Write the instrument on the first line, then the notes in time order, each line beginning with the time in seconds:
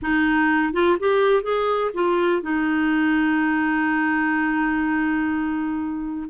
clarinet
0.02 D#4
0.73 F4
0.99 G4
1.42 G#4
1.94 F4
2.42 D#4